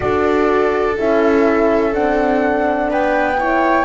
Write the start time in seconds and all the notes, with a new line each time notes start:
0.00 D4 F#4 A4 D5
0.98 C#4 E4 E5
1.92 C4 D4 F#5
2.90 B3 B4 G5
3.38 E4 C#5